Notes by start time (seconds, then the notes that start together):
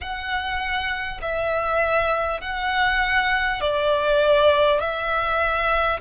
0.00 F#5
1.21 E5
2.40 F#5
3.61 D5
4.80 E5